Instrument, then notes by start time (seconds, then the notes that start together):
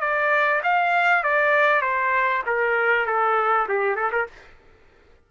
trumpet
0.00 D5
0.63 F5
1.23 D5
1.81 C5
2.46 A#4
3.06 A4
3.68 G4
3.95 A4
4.11 A#4